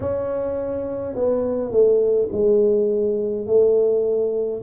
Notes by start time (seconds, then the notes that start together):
0.00 C#4
1.14 B3
1.70 A3
2.31 G#3
3.46 A3